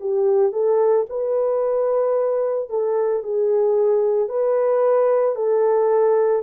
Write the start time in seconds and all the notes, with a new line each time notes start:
0.00 G4
0.52 A4
1.09 B4
2.69 A4
3.23 G#4
4.29 B4
5.35 A4